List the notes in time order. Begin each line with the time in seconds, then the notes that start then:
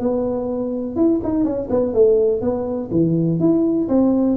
0.00 B3
0.97 E4
1.24 D#4
1.45 C#4
1.70 B3
1.94 A3
2.41 B3
2.92 E3
3.40 E4
3.89 C4